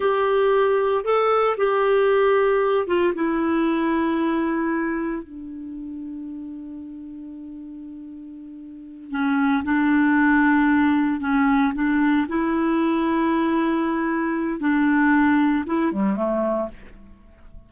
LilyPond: \new Staff \with { instrumentName = "clarinet" } { \time 4/4 \tempo 4 = 115 g'2 a'4 g'4~ | g'4. f'8 e'2~ | e'2 d'2~ | d'1~ |
d'4. cis'4 d'4.~ | d'4. cis'4 d'4 e'8~ | e'1 | d'2 e'8 g8 a4 | }